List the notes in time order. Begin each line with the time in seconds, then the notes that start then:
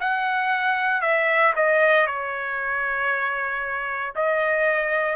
0.00 F#5
1.02 E5
1.56 D#5
2.06 C#5
4.15 D#5